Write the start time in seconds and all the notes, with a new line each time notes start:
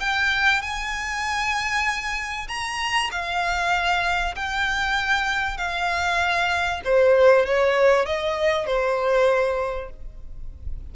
0.00 G5
0.62 G#5
2.49 A#5
3.12 F5
4.36 G5
5.58 F5
6.85 C5
7.46 C#5
8.06 D#5
8.67 C5